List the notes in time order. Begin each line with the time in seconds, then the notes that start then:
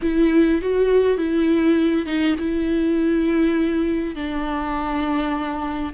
0.02 E4
0.61 F#4
1.17 E4
2.05 D#4
2.38 E4
4.14 D4